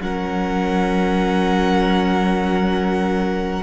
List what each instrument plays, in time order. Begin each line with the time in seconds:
0.00 cello F#3, viola C#4, violin A#4 F#5